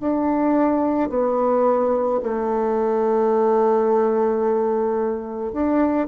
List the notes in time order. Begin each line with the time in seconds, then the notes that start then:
0.00 D4
1.10 B3
2.23 A3
5.53 D4